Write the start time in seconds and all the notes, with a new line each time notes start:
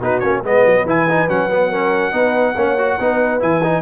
0.00 B3 D#4 F#4 B4
0.19 A#3 C#4 C#5
0.44 G#3 B3 B4 D#5
0.66 F#3
0.85 E3 E4 G#5
1.09 D#4
1.28 F#3 C#4 F#5
1.51 B3
1.70 C#4 A#4
2.12 B3 D#4 B4
2.56 A#3 C#4 C#5
2.78 F#4
2.99 B3 D#4 B4
3.40 E3 E4 G#5
3.64 D#4